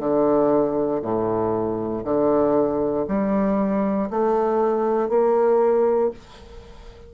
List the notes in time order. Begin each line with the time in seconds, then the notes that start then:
0.00 D3
1.02 A2
2.04 D3
3.08 G3
4.10 A3
5.09 A#3